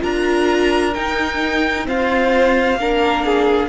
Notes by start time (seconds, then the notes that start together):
0.00 D4 F4 A#4 A#5
0.93 D#4 G5
1.85 C4 F4 C5 F5
2.75 A#3 D4 A#4
3.26 G#4